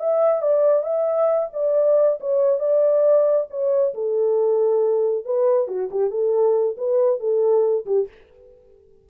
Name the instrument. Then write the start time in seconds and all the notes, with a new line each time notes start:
horn
0.00 E5
0.42 D5
0.83 E5
1.53 D5
2.20 C#5
2.60 D5
3.51 C#5
3.95 A4
5.26 B4
5.68 F#4
5.91 G4
6.11 A4
6.78 B4
7.20 A4
7.86 G4